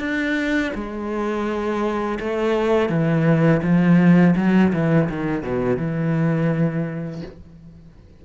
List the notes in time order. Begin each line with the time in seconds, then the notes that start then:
0.00 D4
0.75 G#3
2.20 A3
2.89 E3
3.62 F3
4.36 F#3
4.73 E3
5.09 D#3
5.43 B2
5.77 E3